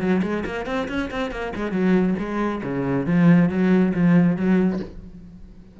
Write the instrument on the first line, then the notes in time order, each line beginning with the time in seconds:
cello
0.00 F#3
0.23 G#3
0.46 A#3
0.66 C4
0.89 C#4
1.11 C4
1.31 A#3
1.56 G#3
1.72 F#3
2.19 G#3
2.63 C#3
3.06 F3
3.49 F#3
3.94 F3
4.36 F#3